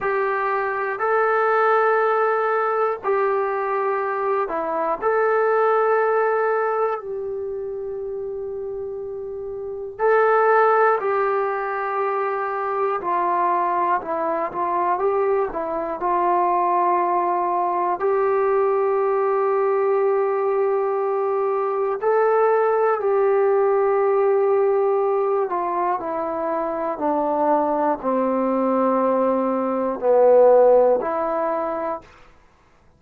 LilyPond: \new Staff \with { instrumentName = "trombone" } { \time 4/4 \tempo 4 = 60 g'4 a'2 g'4~ | g'8 e'8 a'2 g'4~ | g'2 a'4 g'4~ | g'4 f'4 e'8 f'8 g'8 e'8 |
f'2 g'2~ | g'2 a'4 g'4~ | g'4. f'8 e'4 d'4 | c'2 b4 e'4 | }